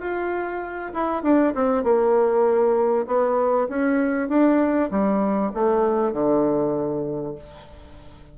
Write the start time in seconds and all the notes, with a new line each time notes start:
0.00 F4
0.94 E4
1.23 D4
1.55 C4
1.84 A#3
3.07 B3
3.69 C#4
4.29 D4
4.91 G3
5.54 A3
6.13 D3